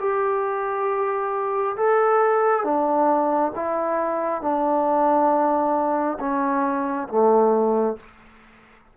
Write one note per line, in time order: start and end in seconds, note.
0.00 1.76 G4
1.76 2.64 A4
2.64 3.53 D4
3.56 4.42 E4
4.42 6.18 D4
6.20 7.08 C#4
7.09 7.97 A3